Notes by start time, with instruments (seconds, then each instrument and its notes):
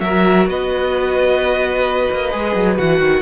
0.00 cello F#3, viola F#4, violin A#4 E5
0.47 cello B3, violin B4 D#5
2.11 cello A#3
2.32 cello G#3, viola G#4
2.55 cello F#3
2.77 cello E3, viola F#4, violin F#5
3.00 cello D#3